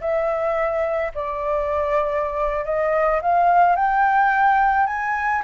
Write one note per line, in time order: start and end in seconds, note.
0.00 1.11 E5
1.14 2.65 D5
2.65 3.20 D#5
3.21 3.75 F5
3.75 4.86 G5
4.86 5.42 G#5